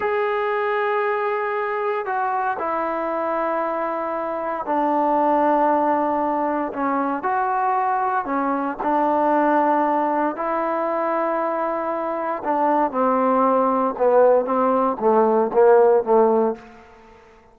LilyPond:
\new Staff \with { instrumentName = "trombone" } { \time 4/4 \tempo 4 = 116 gis'1 | fis'4 e'2.~ | e'4 d'2.~ | d'4 cis'4 fis'2 |
cis'4 d'2. | e'1 | d'4 c'2 b4 | c'4 a4 ais4 a4 | }